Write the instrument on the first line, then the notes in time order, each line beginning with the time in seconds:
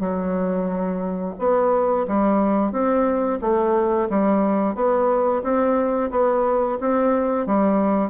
bassoon
0.00 F#3
1.39 B3
2.08 G3
2.72 C4
3.41 A3
4.09 G3
4.75 B3
5.43 C4
6.11 B3
6.80 C4
7.46 G3